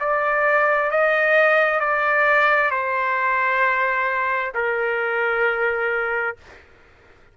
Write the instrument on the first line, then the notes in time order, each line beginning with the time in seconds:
trumpet
0.00 D5
0.90 D#5
1.80 D5
2.71 C5
4.55 A#4